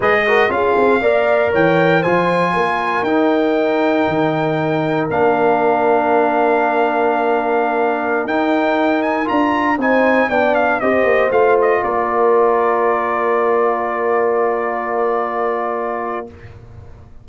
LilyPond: <<
  \new Staff \with { instrumentName = "trumpet" } { \time 4/4 \tempo 4 = 118 dis''4 f''2 g''4 | gis''2 g''2~ | g''2 f''2~ | f''1~ |
f''16 g''4. gis''8 ais''4 gis''8.~ | gis''16 g''8 f''8 dis''4 f''8 dis''8 d''8.~ | d''1~ | d''1 | }
  \new Staff \with { instrumentName = "horn" } { \time 4/4 b'8 ais'8 gis'4 d''4 cis''4 | c''4 ais'2.~ | ais'1~ | ais'1~ |
ais'2.~ ais'16 c''8.~ | c''16 d''4 c''2 ais'8.~ | ais'1~ | ais'1 | }
  \new Staff \with { instrumentName = "trombone" } { \time 4/4 gis'8 fis'8 f'4 ais'2 | f'2 dis'2~ | dis'2 d'2~ | d'1~ |
d'16 dis'2 f'4 dis'8.~ | dis'16 d'4 g'4 f'4.~ f'16~ | f'1~ | f'1 | }
  \new Staff \with { instrumentName = "tuba" } { \time 4/4 gis4 cis'8 c'8 ais4 e4 | f4 ais4 dis'2 | dis2 ais2~ | ais1~ |
ais16 dis'2 d'4 c'8.~ | c'16 b4 c'8 ais8 a4 ais8.~ | ais1~ | ais1 | }
>>